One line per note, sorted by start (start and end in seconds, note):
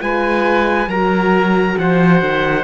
0.00 0.87 G#3
0.00 0.88 F4
0.00 0.90 B4
0.00 0.90 G#5
0.87 1.76 F#3
0.87 2.65 F#4
0.87 1.78 A#4
0.87 1.78 A#5
1.78 2.22 F3
1.78 2.65 C5
1.78 2.65 F#5
2.22 2.65 D#3